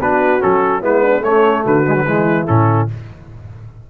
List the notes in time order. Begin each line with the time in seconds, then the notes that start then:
0.00 B3 D4 F#4 B4
0.40 F#3 C#4 A4
0.81 G#3 B3 E4 B4
1.03 D4
1.21 A3 C#4 C#5
1.65 D3 F#4 B4
1.88 G#3
1.96 F#3
2.07 E3 G#3 E4
2.47 A2 C#4 A4